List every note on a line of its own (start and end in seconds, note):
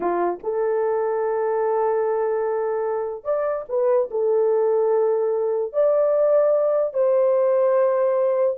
0.00 0.39 F4
0.43 3.24 A4
3.24 3.65 D5
3.68 4.09 B4
4.10 5.72 A4
5.72 6.93 D5
6.93 8.57 C5